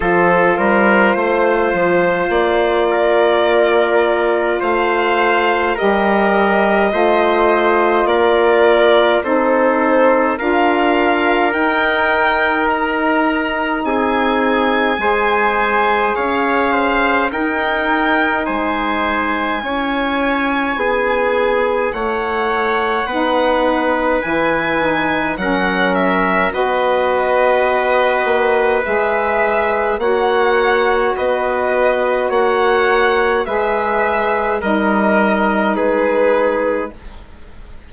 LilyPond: <<
  \new Staff \with { instrumentName = "violin" } { \time 4/4 \tempo 4 = 52 c''2 d''2 | f''4 dis''2 d''4 | c''4 f''4 g''4 ais''4 | gis''2 f''4 g''4 |
gis''2. fis''4~ | fis''4 gis''4 fis''8 e''8 dis''4~ | dis''4 e''4 fis''4 dis''4 | fis''4 e''4 dis''4 b'4 | }
  \new Staff \with { instrumentName = "trumpet" } { \time 4/4 a'8 ais'8 c''4. ais'4. | c''4 ais'4 c''4 ais'4 | a'4 ais'2. | gis'4 c''4 cis''8 c''8 ais'4 |
c''4 cis''4 gis'4 cis''4 | b'2 ais'4 b'4~ | b'2 cis''4 b'4 | cis''4 b'4 ais'4 gis'4 | }
  \new Staff \with { instrumentName = "saxophone" } { \time 4/4 f'1~ | f'4 g'4 f'2 | dis'4 f'4 dis'2~ | dis'4 gis'2 dis'4~ |
dis'4 e'2. | dis'4 e'8 dis'8 cis'4 fis'4~ | fis'4 gis'4 fis'2~ | fis'4 gis'4 dis'2 | }
  \new Staff \with { instrumentName = "bassoon" } { \time 4/4 f8 g8 a8 f8 ais2 | a4 g4 a4 ais4 | c'4 d'4 dis'2 | c'4 gis4 cis'4 dis'4 |
gis4 cis'4 b4 a4 | b4 e4 fis4 b4~ | b8 ais8 gis4 ais4 b4 | ais4 gis4 g4 gis4 | }
>>